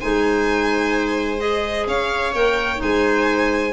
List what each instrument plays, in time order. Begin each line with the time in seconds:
0.00 tuba G#3, clarinet D#4, viola C5, violin G#5
1.39 clarinet G#4, violin D#5
1.87 tuba C#4, viola C#5, violin F5
2.34 tuba A#3, clarinet A#4, violin G5
2.77 tuba G#3, clarinet D#4, viola C5, violin G#5